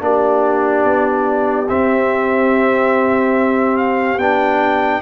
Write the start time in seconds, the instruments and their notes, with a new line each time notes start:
0.00 tuba A#3, trombone D4, horn G4, trumpet D5
0.84 tuba B3
1.68 trombone C4, tuba C4, trumpet E5
3.77 trumpet F5
4.17 tuba B3, trombone D4, trumpet G5